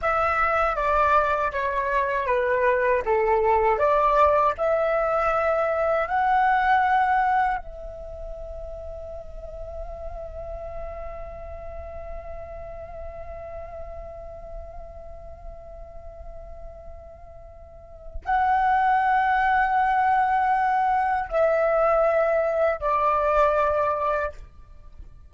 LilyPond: \new Staff \with { instrumentName = "flute" } { \time 4/4 \tempo 4 = 79 e''4 d''4 cis''4 b'4 | a'4 d''4 e''2 | fis''2 e''2~ | e''1~ |
e''1~ | e''1 | fis''1 | e''2 d''2 | }